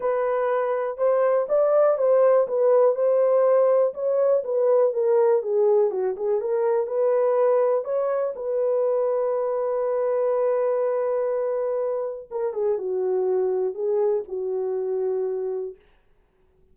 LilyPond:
\new Staff \with { instrumentName = "horn" } { \time 4/4 \tempo 4 = 122 b'2 c''4 d''4 | c''4 b'4 c''2 | cis''4 b'4 ais'4 gis'4 | fis'8 gis'8 ais'4 b'2 |
cis''4 b'2.~ | b'1~ | b'4 ais'8 gis'8 fis'2 | gis'4 fis'2. | }